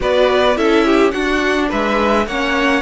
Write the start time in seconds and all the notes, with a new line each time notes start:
0.00 B3 F#4 B4 D5
0.55 C#4 E4 A4 E5
0.85 G4
1.11 D4 F#4 F#5
1.69 G#3 B4 E5
2.26 A#3 C#4 C#5 F#5